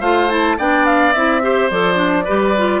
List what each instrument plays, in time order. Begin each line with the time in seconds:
0.00 bassoon A3, clarinet F4, oboe C5, flute F5
0.29 clarinet E4, flute A5
0.57 bassoon B3, clarinet D4, oboe D5, flute G5
0.85 flute F5
1.13 bassoon C4, clarinet E4, flute E5
1.41 clarinet G4, oboe C5
1.69 bassoon F3, clarinet A4, flute D5
1.94 clarinet D4
2.24 bassoon G3, clarinet G4, oboe B4
2.57 clarinet F4